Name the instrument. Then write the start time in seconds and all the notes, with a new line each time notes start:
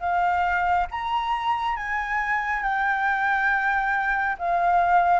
flute
0.00 F5
0.91 A#5
1.76 G#5
2.62 G5
4.38 F5